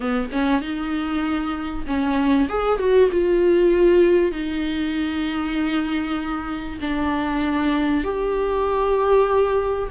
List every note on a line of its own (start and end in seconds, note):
0.00 0.29 B3
0.31 0.61 C#4
0.61 1.85 D#4
1.86 2.48 C#4
2.49 2.78 G#4
2.78 3.09 F#4
3.11 4.31 F4
4.31 6.79 D#4
6.80 8.04 D4
8.04 9.89 G4